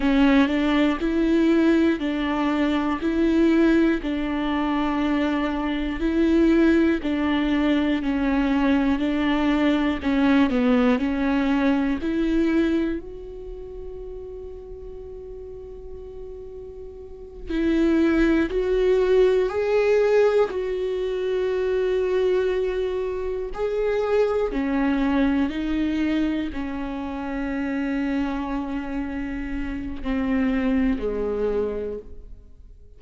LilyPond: \new Staff \with { instrumentName = "viola" } { \time 4/4 \tempo 4 = 60 cis'8 d'8 e'4 d'4 e'4 | d'2 e'4 d'4 | cis'4 d'4 cis'8 b8 cis'4 | e'4 fis'2.~ |
fis'4. e'4 fis'4 gis'8~ | gis'8 fis'2. gis'8~ | gis'8 cis'4 dis'4 cis'4.~ | cis'2 c'4 gis4 | }